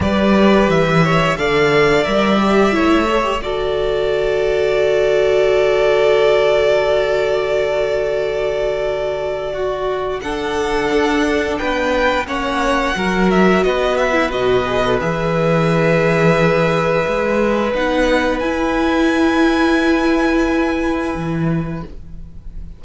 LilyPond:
<<
  \new Staff \with { instrumentName = "violin" } { \time 4/4 \tempo 4 = 88 d''4 e''4 f''4 e''4~ | e''4 d''2.~ | d''1~ | d''2. fis''4~ |
fis''4 g''4 fis''4. e''8 | dis''8 e''8 dis''4 e''2~ | e''2 fis''4 gis''4~ | gis''1 | }
  \new Staff \with { instrumentName = "violin" } { \time 4/4 b'4. cis''8 d''2 | cis''4 a'2.~ | a'1~ | a'2 fis'4 a'4~ |
a'4 b'4 cis''4 ais'4 | b'1~ | b'1~ | b'1 | }
  \new Staff \with { instrumentName = "viola" } { \time 4/4 g'2 a'4 ais'8 g'8 | e'8 a'16 g'16 fis'2.~ | fis'1~ | fis'2. d'4~ |
d'2 cis'4 fis'4~ | fis'8. e'16 fis'8 gis'16 a'16 gis'2~ | gis'2 dis'4 e'4~ | e'1 | }
  \new Staff \with { instrumentName = "cello" } { \time 4/4 g4 e4 d4 g4 | a4 d2.~ | d1~ | d1 |
d'4 b4 ais4 fis4 | b4 b,4 e2~ | e4 gis4 b4 e'4~ | e'2. e4 | }
>>